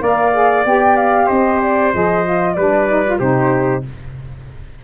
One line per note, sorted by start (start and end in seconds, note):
0.00 0.65 A#3
0.00 0.32 A#4
0.00 1.26 D5
0.00 0.65 F5
0.32 0.64 G#4
0.65 1.29 B3
0.65 1.93 G4
0.65 0.96 G5
0.96 1.28 F5
1.26 1.93 C4
1.26 2.54 C5
1.26 1.60 D#5
1.61 1.93 D5
1.93 2.57 F3
1.93 2.24 G#4
1.93 2.54 D#5
2.24 2.56 F4
2.54 3.20 G3
2.54 2.89 D4
2.54 3.19 B4
2.54 3.18 D5
2.89 3.05 D#4
3.06 3.20 F4
3.19 3.84 C3
3.19 3.84 D#4
3.19 3.83 G4
3.19 3.83 C5